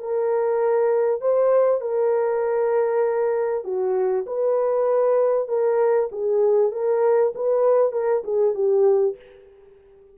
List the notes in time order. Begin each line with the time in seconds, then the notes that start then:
0.00 A#4
1.21 C5
1.81 A#4
3.65 F#4
4.26 B4
5.49 A#4
6.12 G#4
6.72 A#4
7.35 B4
7.93 A#4
8.24 G#4
8.55 G4